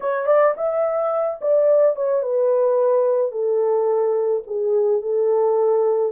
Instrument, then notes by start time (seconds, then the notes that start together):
horn
0.00 C#5
0.26 D5
0.56 E5
1.41 D5
1.96 C#5
2.22 B4
3.31 A4
4.46 G#4
5.02 A4